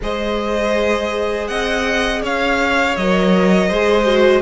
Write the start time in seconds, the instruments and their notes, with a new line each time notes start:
0.02 cello G#3, viola G#4, violin C5 D#5
1.47 cello C4, violin D#5 F#5
2.22 cello C#4, violin C#5 F5
2.96 cello F#3, viola A#4, violin D#5
3.67 cello G#3, viola G#4, violin C5
4.06 viola F#4